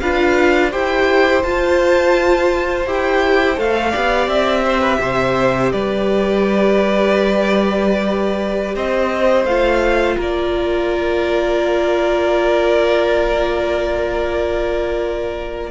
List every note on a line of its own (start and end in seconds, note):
0.00 0.73 D4
0.00 0.71 F4
0.00 0.71 B4
0.00 0.71 F5
0.71 1.44 E4
0.71 1.42 G4
0.71 3.90 C5
0.71 1.43 G5
1.43 2.86 F4
1.43 2.87 F4
1.43 2.86 A5
2.86 3.57 E4
2.86 3.55 G4
2.86 3.59 G5
3.55 3.93 A3
3.55 3.91 A4
3.55 4.29 F5
3.90 4.27 B3
3.90 9.46 G4
3.90 4.61 D5
4.27 4.99 C4
4.27 5.72 E5
4.65 4.81 C5
4.81 4.98 B4
5.00 5.72 C3
5.00 5.72 C5
5.72 8.75 G3
5.72 8.75 B4
5.72 8.75 D5
8.75 9.45 C4
8.75 10.17 C5
8.75 9.45 D#5
9.45 10.16 A3
9.45 15.71 F4
9.45 10.17 F5
10.17 15.71 A#3
10.17 15.70 A#4
10.17 15.71 D5